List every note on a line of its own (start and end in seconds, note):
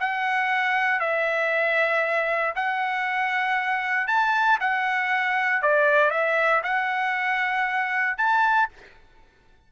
0.00 1.00 F#5
1.00 2.54 E5
2.55 4.08 F#5
4.08 4.59 A5
4.61 5.62 F#5
5.62 6.11 D5
6.11 6.62 E5
6.64 8.18 F#5
8.18 8.69 A5